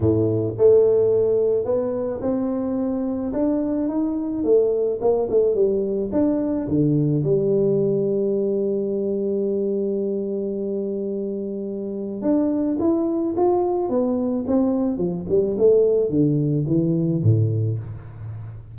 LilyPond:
\new Staff \with { instrumentName = "tuba" } { \time 4/4 \tempo 4 = 108 a,4 a2 b4 | c'2 d'4 dis'4 | a4 ais8 a8 g4 d'4 | d4 g2.~ |
g1~ | g2 d'4 e'4 | f'4 b4 c'4 f8 g8 | a4 d4 e4 a,4 | }